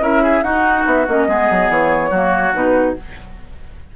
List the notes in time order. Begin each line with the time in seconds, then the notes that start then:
0.00 C#4 E4 A#4 E5
0.23 G#4
0.43 D#4 F#4 F#5
0.86 B3 E5
1.09 A#3 C#4 D#5
1.28 G#3 B3 G#4
1.51 F#3
1.69 E3 C#5
2.11 F#3 A#3 F#4
2.54 B2 D#4 B4